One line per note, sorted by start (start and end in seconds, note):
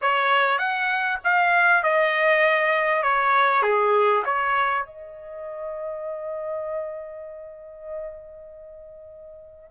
0.01 0.58 C#5
0.58 1.18 F#5
1.24 1.83 F5
1.83 3.02 D#5
3.02 3.62 C#5
3.62 4.23 G#4
4.25 4.85 C#5
4.85 9.70 D#5